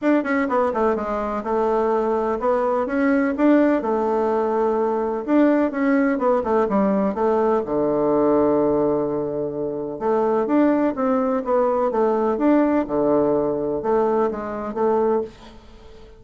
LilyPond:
\new Staff \with { instrumentName = "bassoon" } { \time 4/4 \tempo 4 = 126 d'8 cis'8 b8 a8 gis4 a4~ | a4 b4 cis'4 d'4 | a2. d'4 | cis'4 b8 a8 g4 a4 |
d1~ | d4 a4 d'4 c'4 | b4 a4 d'4 d4~ | d4 a4 gis4 a4 | }